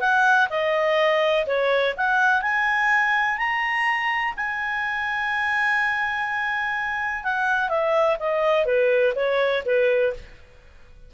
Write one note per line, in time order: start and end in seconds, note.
0.00 0.48 F#5
0.49 1.45 D#5
1.46 1.94 C#5
1.97 2.42 F#5
2.42 3.38 G#5
3.38 4.34 A#5
4.36 7.23 G#5
7.23 7.69 F#5
7.69 8.17 E5
8.19 8.65 D#5
8.65 9.13 B4
9.15 9.63 C#5
9.65 10.13 B4